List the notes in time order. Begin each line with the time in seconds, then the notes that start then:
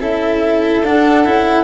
0.00 C#4 E4 A4 E5
0.84 D4 F#5
1.25 C#4 E4